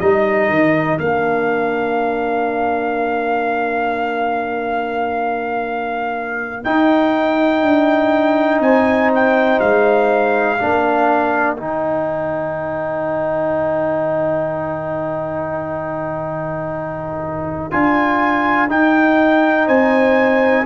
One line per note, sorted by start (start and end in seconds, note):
0.00 0.49 G3
0.00 0.99 D#4
0.00 8.62 A#4
0.00 0.98 D#5
0.49 0.98 D#3
0.99 6.65 A#3
0.99 6.64 D4
0.99 6.64 F5
6.64 10.58 D#4
6.64 7.62 D#4
6.64 8.61 G5
7.62 8.60 D4
8.60 9.58 C4
8.60 10.59 C5
8.60 9.11 G#5
9.15 9.59 G5
9.59 10.59 G#3
9.59 11.56 F5
10.58 11.59 A#3
10.58 11.57 D4
10.58 19.66 A#4
11.56 17.73 D#3
11.56 17.71 D#4
11.56 17.70 G5
17.71 18.70 D4
17.71 18.68 F4
17.71 18.69 G#5
18.68 20.65 D#4
18.68 19.67 D#4
18.68 19.68 G5
19.66 20.65 C4
19.66 20.64 C5
19.66 20.65 G#5